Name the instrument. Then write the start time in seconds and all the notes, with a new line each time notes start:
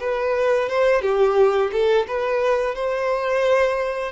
violin
0.00 B4
0.69 C5
1.02 G4
1.72 A4
2.08 B4
2.75 C5